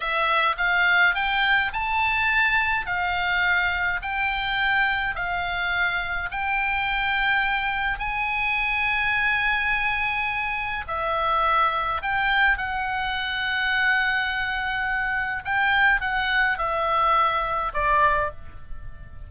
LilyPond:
\new Staff \with { instrumentName = "oboe" } { \time 4/4 \tempo 4 = 105 e''4 f''4 g''4 a''4~ | a''4 f''2 g''4~ | g''4 f''2 g''4~ | g''2 gis''2~ |
gis''2. e''4~ | e''4 g''4 fis''2~ | fis''2. g''4 | fis''4 e''2 d''4 | }